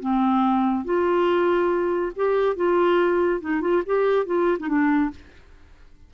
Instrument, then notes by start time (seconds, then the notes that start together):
clarinet
0.00 C4
0.85 F4
2.16 G4
2.56 F4
3.41 D#4
3.61 F4
3.86 G4
4.26 F4
4.60 D#4
4.68 D4